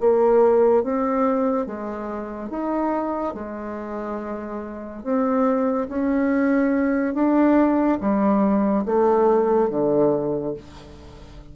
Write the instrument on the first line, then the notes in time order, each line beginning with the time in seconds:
bassoon
0.00 A#3
0.83 C4
1.66 G#3
2.49 D#4
3.34 G#3
5.03 C4
5.88 C#4
7.14 D4
8.00 G3
8.85 A3
9.70 D3